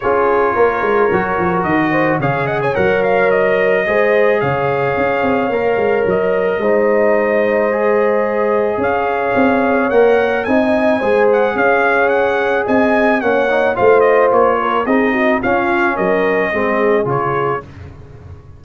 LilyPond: <<
  \new Staff \with { instrumentName = "trumpet" } { \time 4/4 \tempo 4 = 109 cis''2. dis''4 | f''8 fis''16 gis''16 fis''8 f''8 dis''2 | f''2. dis''4~ | dis''1 |
f''2 fis''4 gis''4~ | gis''8 fis''8 f''4 fis''4 gis''4 | fis''4 f''8 dis''8 cis''4 dis''4 | f''4 dis''2 cis''4 | }
  \new Staff \with { instrumentName = "horn" } { \time 4/4 gis'4 ais'2~ ais'8 c''8 | cis''8 dis''16 cis''2~ cis''16 c''4 | cis''1 | c''1 |
cis''2. dis''4 | c''4 cis''2 dis''4 | cis''4 c''4. ais'8 gis'8 fis'8 | f'4 ais'4 gis'2 | }
  \new Staff \with { instrumentName = "trombone" } { \time 4/4 f'2 fis'2 | gis'4 ais'2 gis'4~ | gis'2 ais'2 | dis'2 gis'2~ |
gis'2 ais'4 dis'4 | gis'1 | cis'8 dis'8 f'2 dis'4 | cis'2 c'4 f'4 | }
  \new Staff \with { instrumentName = "tuba" } { \time 4/4 cis'4 ais8 gis8 fis8 f8 dis4 | cis4 fis2 gis4 | cis4 cis'8 c'8 ais8 gis8 fis4 | gis1 |
cis'4 c'4 ais4 c'4 | gis4 cis'2 c'4 | ais4 a4 ais4 c'4 | cis'4 fis4 gis4 cis4 | }
>>